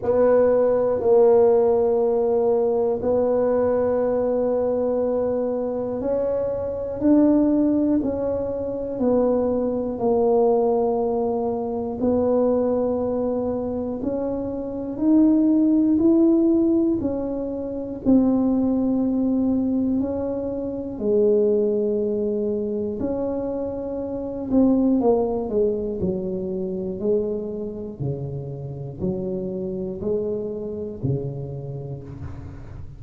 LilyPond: \new Staff \with { instrumentName = "tuba" } { \time 4/4 \tempo 4 = 60 b4 ais2 b4~ | b2 cis'4 d'4 | cis'4 b4 ais2 | b2 cis'4 dis'4 |
e'4 cis'4 c'2 | cis'4 gis2 cis'4~ | cis'8 c'8 ais8 gis8 fis4 gis4 | cis4 fis4 gis4 cis4 | }